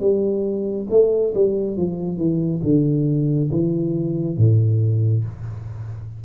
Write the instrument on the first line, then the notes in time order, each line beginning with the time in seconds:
tuba
0.00 G3
0.90 A3
1.34 G3
1.77 F3
2.18 E3
2.63 D3
3.51 E3
4.37 A2